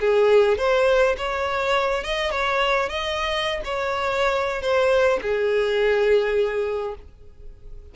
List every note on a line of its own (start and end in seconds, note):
0.00 0.58 G#4
0.58 1.16 C5
1.17 2.04 C#5
2.04 2.31 D#5
2.31 2.89 C#5
2.89 3.61 D#5
3.65 4.62 C#5
4.62 5.19 C5
5.22 6.95 G#4